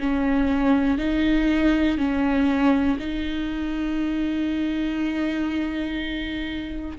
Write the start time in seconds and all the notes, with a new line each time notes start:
0.00 C#4
0.99 D#4
1.98 C#4
2.99 D#4